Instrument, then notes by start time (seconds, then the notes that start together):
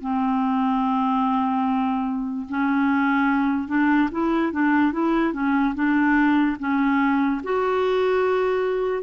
clarinet
0.00 C4
2.49 C#4
3.68 D4
4.11 E4
4.52 D4
4.92 E4
5.33 C#4
5.74 D4
6.59 C#4
7.43 F#4